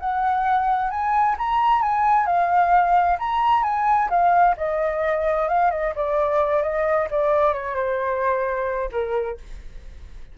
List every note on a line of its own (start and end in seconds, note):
0.00 0.90 F#5
0.90 1.36 G#5
1.38 1.82 A#5
1.82 2.27 G#5
2.27 3.18 F5
3.19 3.63 A#5
3.63 4.09 G#5
4.10 4.56 F5
4.57 5.49 D#5
5.49 5.71 F5
5.71 5.94 D#5
5.96 6.63 D5
6.63 7.09 D#5
7.11 7.54 D5
7.54 7.76 C#5
7.76 8.90 C5
8.92 9.38 A#4